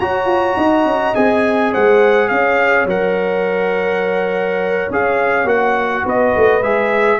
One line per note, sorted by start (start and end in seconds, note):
0.00 0.25 F#4
0.00 1.15 F#4
0.00 0.58 C#5
0.00 1.15 A#5
0.25 0.54 F4
0.57 0.85 D#4
0.57 1.72 D#5
0.85 1.14 C#4
1.15 1.74 C4
1.15 2.88 G#4
1.15 1.72 G#5
1.72 2.31 G#3
1.72 2.30 C5
1.72 2.28 F#5
2.28 2.85 C#4
2.28 6.04 C#5
2.28 2.86 F5
2.85 4.87 F#3
2.85 4.90 A#4
2.85 4.91 F#5
4.90 5.44 C#4
4.90 5.46 G#4
4.90 5.48 F5
5.44 6.02 A#3
5.44 6.61 F#4
5.44 6.05 F#5
6.04 6.34 B3
6.04 7.20 B4
6.04 6.63 D#5
6.36 6.61 A3
6.61 7.19 G#3
6.61 7.20 G#4
6.61 7.20 E5